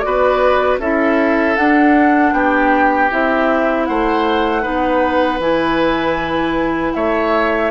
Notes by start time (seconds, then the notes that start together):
0.00 B3 F#4 D5
0.06 B4
0.79 C#4 E4 A4 E5
1.56 D4 F#5
2.33 B3 G4 G5
3.11 C4 E4 E5
3.85 A3 C5 F#5
4.62 B3 D#4 B4
5.39 E3 E4 G#5
6.94 A3 C#5 E5